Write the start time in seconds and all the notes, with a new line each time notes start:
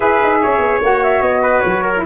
0.00 E4 G#4 B4 E5
0.23 D#4
0.41 C#4 C#5
0.59 B3
0.81 A#3 F#4 F#5
1.03 E5
1.21 B3 D#5
1.42 B4
1.60 F#3 C#5
1.82 A#4
1.96 E4